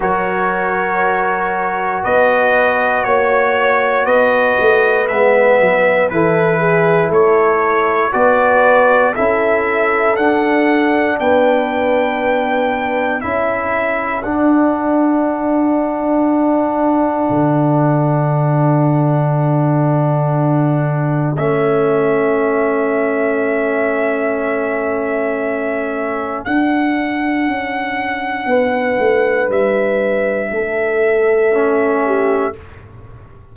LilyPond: <<
  \new Staff \with { instrumentName = "trumpet" } { \time 4/4 \tempo 4 = 59 cis''2 dis''4 cis''4 | dis''4 e''4 b'4 cis''4 | d''4 e''4 fis''4 g''4~ | g''4 e''4 fis''2~ |
fis''1~ | fis''4 e''2.~ | e''2 fis''2~ | fis''4 e''2. | }
  \new Staff \with { instrumentName = "horn" } { \time 4/4 ais'2 b'4 cis''4 | b'2 a'8 gis'8 a'4 | b'4 a'2 b'4~ | b'4 a'2.~ |
a'1~ | a'1~ | a'1 | b'2 a'4. g'8 | }
  \new Staff \with { instrumentName = "trombone" } { \time 4/4 fis'1~ | fis'4 b4 e'2 | fis'4 e'4 d'2~ | d'4 e'4 d'2~ |
d'1~ | d'4 cis'2.~ | cis'2 d'2~ | d'2. cis'4 | }
  \new Staff \with { instrumentName = "tuba" } { \time 4/4 fis2 b4 ais4 | b8 a8 gis8 fis8 e4 a4 | b4 cis'4 d'4 b4~ | b4 cis'4 d'2~ |
d'4 d2.~ | d4 a2.~ | a2 d'4 cis'4 | b8 a8 g4 a2 | }
>>